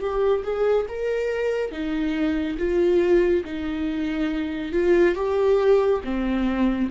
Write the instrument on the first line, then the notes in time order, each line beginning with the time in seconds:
viola
0.00 G4
0.43 G#4
0.88 A#4
1.71 D#4
2.58 F4
3.44 D#4
4.72 F4
5.15 G4
6.04 C4